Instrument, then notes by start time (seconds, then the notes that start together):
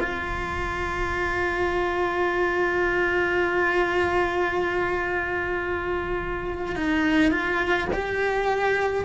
cello
0.00 F4
6.76 D#4
7.31 F4
7.93 G4